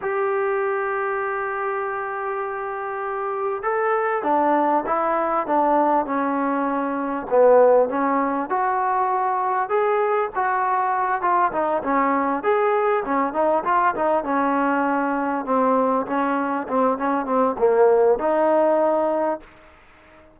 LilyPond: \new Staff \with { instrumentName = "trombone" } { \time 4/4 \tempo 4 = 99 g'1~ | g'2 a'4 d'4 | e'4 d'4 cis'2 | b4 cis'4 fis'2 |
gis'4 fis'4. f'8 dis'8 cis'8~ | cis'8 gis'4 cis'8 dis'8 f'8 dis'8 cis'8~ | cis'4. c'4 cis'4 c'8 | cis'8 c'8 ais4 dis'2 | }